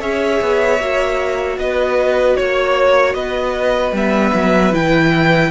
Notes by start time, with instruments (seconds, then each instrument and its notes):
0.00 cello C#4, viola G#4, violin C#5 E5
0.41 cello B3
0.79 cello A#3, viola F#4
1.58 cello B3, violin B4 D#5
2.36 cello A#3, violin C#5
3.13 cello B3, violin B4 D#5
3.91 cello G3, viola B3, violin E5
4.33 cello F#3
4.72 cello E3, viola E4, violin G5